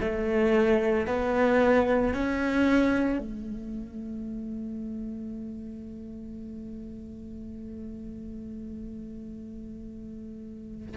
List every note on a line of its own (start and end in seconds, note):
0.00 1.07 A3
1.07 2.14 B3
2.14 3.19 C#4
3.19 10.95 A3